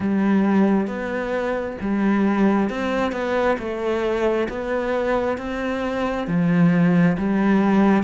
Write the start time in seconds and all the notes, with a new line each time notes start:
0.00 G3
0.87 B3
1.80 G3
2.69 C4
3.12 B3
3.58 A3
4.48 B3
5.37 C4
6.27 F3
7.17 G3